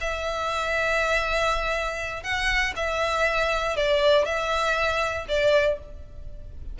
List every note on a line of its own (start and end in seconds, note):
0.00 2.23 E5
2.23 2.73 F#5
2.75 3.76 E5
3.76 4.25 D5
4.25 5.26 E5
5.28 5.78 D5